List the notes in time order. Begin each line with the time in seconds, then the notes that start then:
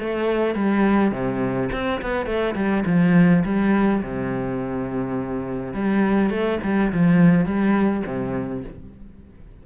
0.00 A3
0.55 G3
1.12 C3
1.73 C4
2.02 B3
2.26 A3
2.56 G3
2.86 F3
3.45 G3
4.03 C3
5.74 G3
6.30 A3
6.64 G3
6.93 F3
7.46 G3
8.06 C3